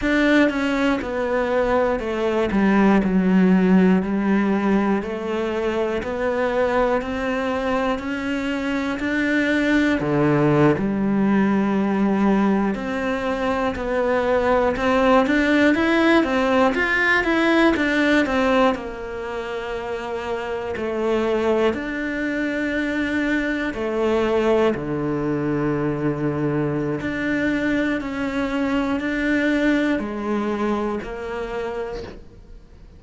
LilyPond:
\new Staff \with { instrumentName = "cello" } { \time 4/4 \tempo 4 = 60 d'8 cis'8 b4 a8 g8 fis4 | g4 a4 b4 c'4 | cis'4 d'4 d8. g4~ g16~ | g8. c'4 b4 c'8 d'8 e'16~ |
e'16 c'8 f'8 e'8 d'8 c'8 ais4~ ais16~ | ais8. a4 d'2 a16~ | a8. d2~ d16 d'4 | cis'4 d'4 gis4 ais4 | }